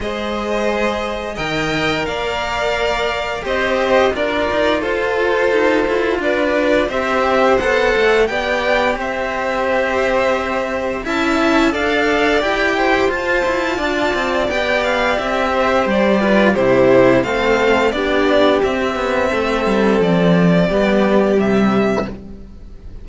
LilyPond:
<<
  \new Staff \with { instrumentName = "violin" } { \time 4/4 \tempo 4 = 87 dis''2 g''4 f''4~ | f''4 dis''4 d''4 c''4~ | c''4 d''4 e''4 fis''4 | g''4 e''2. |
a''4 f''4 g''4 a''4~ | a''4 g''8 f''8 e''4 d''4 | c''4 f''4 d''4 e''4~ | e''4 d''2 e''4 | }
  \new Staff \with { instrumentName = "violin" } { \time 4/4 c''2 dis''4 d''4~ | d''4 c''4 ais'4 a'4~ | a'4 b'4 c''2 | d''4 c''2. |
e''4 d''4. c''4. | d''2~ d''8 c''4 b'8 | g'4 a'4 g'2 | a'2 g'2 | }
  \new Staff \with { instrumentName = "cello" } { \time 4/4 gis'2 ais'2~ | ais'4 g'4 f'2~ | f'2 g'4 a'4 | g'1 |
e'4 a'4 g'4 f'4~ | f'4 g'2~ g'8 f'8 | e'4 c'4 d'4 c'4~ | c'2 b4 g4 | }
  \new Staff \with { instrumentName = "cello" } { \time 4/4 gis2 dis4 ais4~ | ais4 c'4 d'8 dis'8 f'4 | dis'8 e'8 d'4 c'4 b8 a8 | b4 c'2. |
cis'4 d'4 e'4 f'8 e'8 | d'8 c'8 b4 c'4 g4 | c4 a4 b4 c'8 b8 | a8 g8 f4 g4 c4 | }
>>